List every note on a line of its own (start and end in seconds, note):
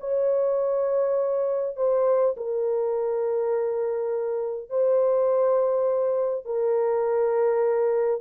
0.00 1.76 C#5
1.76 2.35 C5
2.37 4.70 A#4
4.70 6.45 C5
6.45 8.21 A#4